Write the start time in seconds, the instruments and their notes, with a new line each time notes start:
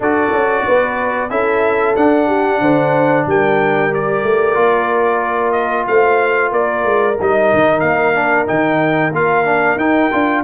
0.00 tuba D4, trombone F#4, horn A4, trumpet D5
0.32 tuba C#4
0.66 tuba B3, horn B4
1.30 tuba C#4, trombone E4, horn A4, trumpet E5
1.95 trombone D4, tuba D4, trumpet F#5
2.27 horn G4
2.60 tuba D3, horn C5
3.26 tuba G3, horn A#4, trumpet G5
3.90 trombone G4, trumpet D5
4.23 tuba A3
4.54 tuba A#3, trombone F4
5.51 trumpet D#5
5.87 tuba A3, horn C5, trumpet F5
6.51 tuba A#3, horn A#4, trumpet D5
6.84 tuba G#3
7.20 tuba G3, trombone D#4, trumpet D#5
7.53 tuba D#3
7.80 tuba A#3, trumpet F5
8.14 trombone D4
8.46 tuba D#3, trombone D#4, trumpet G5
9.12 tuba A#3, trombone F4, trumpet F5
9.44 trombone D4
9.76 tuba D#4, trombone D#4, trumpet G5
10.11 tuba D4, trombone F4